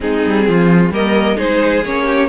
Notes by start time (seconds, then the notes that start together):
0.00 G#3 C4 D#4 G#4
0.25 G3
0.47 F3 F4
0.90 G3 A#3 A#4 D#5
1.36 G#3 D#4 G#4 C5
1.84 A#3 C#4 C#5
2.06 G4